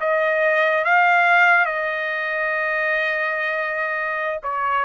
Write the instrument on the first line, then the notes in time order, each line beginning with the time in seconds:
trumpet
0.00 D#5
0.85 F5
1.65 D#5
4.43 C#5